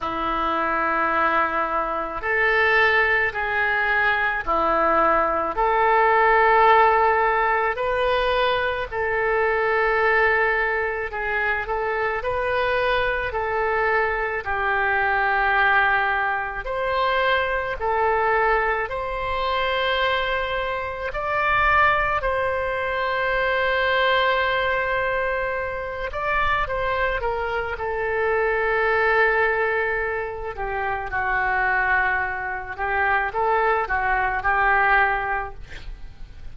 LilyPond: \new Staff \with { instrumentName = "oboe" } { \time 4/4 \tempo 4 = 54 e'2 a'4 gis'4 | e'4 a'2 b'4 | a'2 gis'8 a'8 b'4 | a'4 g'2 c''4 |
a'4 c''2 d''4 | c''2.~ c''8 d''8 | c''8 ais'8 a'2~ a'8 g'8 | fis'4. g'8 a'8 fis'8 g'4 | }